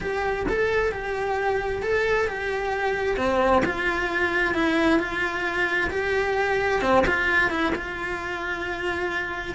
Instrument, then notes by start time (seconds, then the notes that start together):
cello
0.00 G4
0.49 A4
0.92 G4
1.82 A4
2.27 G4
3.17 C4
3.65 F4
4.54 E4
4.99 F4
5.90 G4
6.81 C4
7.06 F4
7.50 E4
7.75 F4